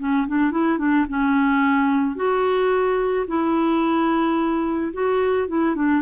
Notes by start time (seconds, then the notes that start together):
0.00 C#4
0.28 D4
0.52 E4
0.79 D4
1.09 C#4
2.16 F#4
3.28 E4
4.94 F#4
5.48 E4
5.76 D4